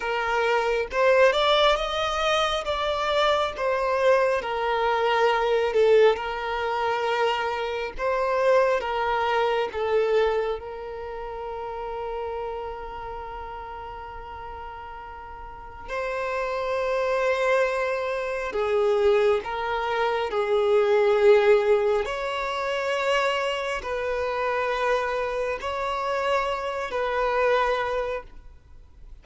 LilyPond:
\new Staff \with { instrumentName = "violin" } { \time 4/4 \tempo 4 = 68 ais'4 c''8 d''8 dis''4 d''4 | c''4 ais'4. a'8 ais'4~ | ais'4 c''4 ais'4 a'4 | ais'1~ |
ais'2 c''2~ | c''4 gis'4 ais'4 gis'4~ | gis'4 cis''2 b'4~ | b'4 cis''4. b'4. | }